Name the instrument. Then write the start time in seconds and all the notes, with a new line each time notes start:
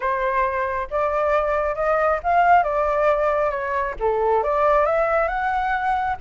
flute
0.00 C5
0.90 D5
1.75 D#5
2.23 F5
2.63 D5
3.50 C#5
3.99 A4
4.43 D5
4.85 E5
5.28 F#5